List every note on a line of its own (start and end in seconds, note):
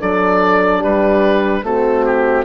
0.00 0.84 F#3
0.00 1.64 D4
0.00 0.79 A4
0.00 0.84 D5
0.79 1.63 G3
0.79 1.61 G4
0.79 1.65 B4
1.63 2.45 A3
1.63 2.45 C4
1.63 2.45 F#4
1.63 2.05 A4
2.05 2.45 G4